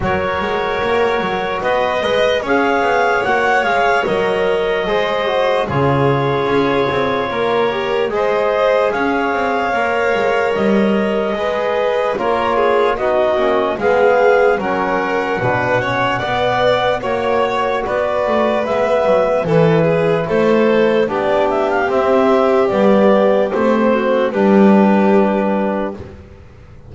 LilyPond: <<
  \new Staff \with { instrumentName = "clarinet" } { \time 4/4 \tempo 4 = 74 cis''2 dis''4 f''4 | fis''8 f''8 dis''2 cis''4~ | cis''2 dis''4 f''4~ | f''4 dis''2 cis''4 |
dis''4 f''4 fis''2~ | fis''4 cis''4 d''4 e''4 | b'4 c''4 d''8 e''16 f''16 e''4 | d''4 c''4 b'2 | }
  \new Staff \with { instrumentName = "violin" } { \time 4/4 ais'2 b'8 dis''8 cis''4~ | cis''2 c''4 gis'4~ | gis'4 ais'4 c''4 cis''4~ | cis''2 b'4 ais'8 gis'8 |
fis'4 gis'4 ais'4 b'8 cis''8 | d''4 cis''4 b'2 | a'8 gis'8 a'4 g'2~ | g'4. fis'8 g'2 | }
  \new Staff \with { instrumentName = "trombone" } { \time 4/4 fis'2~ fis'8 b'8 gis'4 | fis'8 gis'8 ais'4 gis'8 fis'8 f'4~ | f'4. g'8 gis'2 | ais'2 gis'4 f'4 |
dis'8 cis'8 b4 cis'4 d'8 cis'8 | b4 fis'2 b4 | e'2 d'4 c'4 | b4 c'4 d'2 | }
  \new Staff \with { instrumentName = "double bass" } { \time 4/4 fis8 gis8 ais8 fis8 b8 gis8 cis'8 b8 | ais8 gis8 fis4 gis4 cis4 | cis'8 c'8 ais4 gis4 cis'8 c'8 | ais8 gis8 g4 gis4 ais4 |
b8 ais8 gis4 fis4 b,4 | b4 ais4 b8 a8 gis8 fis8 | e4 a4 b4 c'4 | g4 a4 g2 | }
>>